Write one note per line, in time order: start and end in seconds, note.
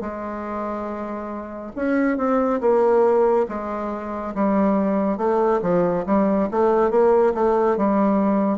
0.00 1.71 G#3
1.76 2.17 C#4
2.17 2.60 C4
2.60 3.46 A#3
3.48 4.34 G#3
4.34 5.17 G3
5.17 5.60 A3
5.61 6.04 F3
6.06 6.49 G3
6.51 6.90 A3
6.90 7.33 A#3
7.34 7.76 A3
7.76 8.58 G3